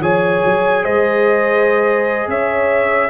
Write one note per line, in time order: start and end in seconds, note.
0.00 0.41 F3
0.00 3.09 G#4
0.00 0.83 C#5
0.00 0.84 G#5
0.43 0.84 F#3
0.83 2.27 G#3
0.83 2.27 C5
0.83 2.28 D#5
2.27 3.09 C#4
2.27 3.09 C#5
2.27 3.09 E5